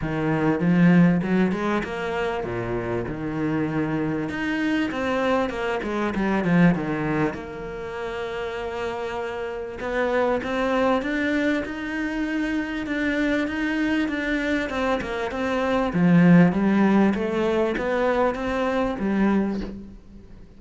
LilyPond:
\new Staff \with { instrumentName = "cello" } { \time 4/4 \tempo 4 = 98 dis4 f4 fis8 gis8 ais4 | ais,4 dis2 dis'4 | c'4 ais8 gis8 g8 f8 dis4 | ais1 |
b4 c'4 d'4 dis'4~ | dis'4 d'4 dis'4 d'4 | c'8 ais8 c'4 f4 g4 | a4 b4 c'4 g4 | }